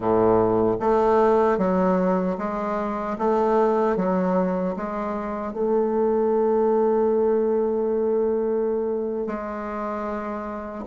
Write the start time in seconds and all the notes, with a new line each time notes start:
0.00 A2
0.80 A3
1.58 F#3
2.38 G#3
3.18 A3
3.96 F#3
4.76 G#3
5.53 A3
9.26 G#3